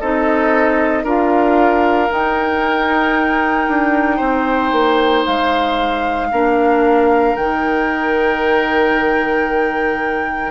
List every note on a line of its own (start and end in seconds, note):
0.00 1.04 C4
0.00 1.06 D#4
0.00 1.04 A4
0.00 1.05 D#5
1.04 2.10 D4
1.04 2.09 F4
1.04 4.17 A#4
1.04 2.12 F5
2.09 6.30 D#4
2.09 3.69 D#4
2.09 5.27 G5
3.69 4.20 D4
4.17 4.72 C4
4.17 6.28 C5
4.72 5.25 A#3
5.27 6.32 G#3
5.27 7.36 F5
6.32 7.37 A#3
6.32 7.38 D4
6.32 10.52 A#4
7.36 10.52 D#3
7.36 10.52 D#4
7.36 10.52 G5